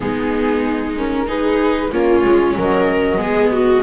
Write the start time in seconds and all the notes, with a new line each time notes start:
0.00 G#3 B3 D#4 G#4
0.97 C#4 A#4
1.26 D#4 G#4 B4
1.91 A#3 C#4 F4 C#5
2.23 G#3
2.56 F#3 A#4 D#5
3.17 G#3 B3 G#4
3.52 F#4